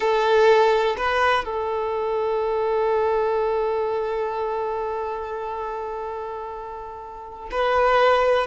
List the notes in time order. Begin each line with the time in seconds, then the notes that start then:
0.00 A4
0.97 B4
1.45 A4
7.51 B4